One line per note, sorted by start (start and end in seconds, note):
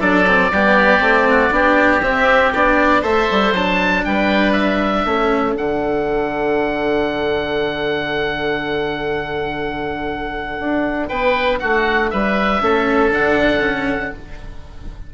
0.00 0.51 F#3
0.00 0.26 D4
0.00 0.50 A4
0.00 2.02 D5
0.27 0.52 C4
0.52 1.00 G3
0.52 1.00 B3
0.52 1.28 G4
1.00 1.51 A3
1.00 1.50 C4
1.30 1.54 F#4
1.51 2.01 B3
1.51 2.01 D4
1.51 3.01 G4
2.01 2.52 C4
2.01 2.53 C4
2.01 2.53 E5
2.54 3.03 B3
2.54 3.03 D4
2.54 3.04 D5
3.01 3.28 A3
3.01 3.53 A4
3.01 4.02 C5
3.01 3.54 E5
3.31 3.53 G3
3.53 4.03 F#3
3.53 5.07 D4
3.53 4.05 A5
4.05 5.05 G3
4.05 5.08 B4
4.05 4.53 G5
4.53 5.54 E5
5.05 5.55 A3
5.05 5.55 C#4
5.05 11.09 A4
5.55 10.59 D3
5.55 12.61 D4
5.55 11.08 F#5
10.59 11.10 D4
11.08 11.60 B3
11.08 11.59 B4
11.08 11.59 G5
11.60 12.13 A3
11.60 12.11 F#4
11.60 12.10 F#5
12.10 12.62 G3
12.10 12.63 B4
12.10 13.11 E5
12.62 13.11 A3
12.62 13.11 C#4
12.62 14.14 A4
13.11 14.12 D3
13.11 13.60 D4
13.11 14.14 F#5
13.60 14.10 C#4